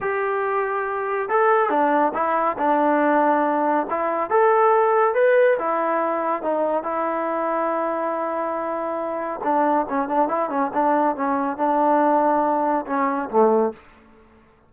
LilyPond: \new Staff \with { instrumentName = "trombone" } { \time 4/4 \tempo 4 = 140 g'2. a'4 | d'4 e'4 d'2~ | d'4 e'4 a'2 | b'4 e'2 dis'4 |
e'1~ | e'2 d'4 cis'8 d'8 | e'8 cis'8 d'4 cis'4 d'4~ | d'2 cis'4 a4 | }